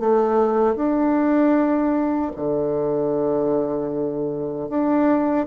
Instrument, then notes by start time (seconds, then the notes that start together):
bassoon
0.00 A3
0.76 D4
2.37 D3
4.70 D4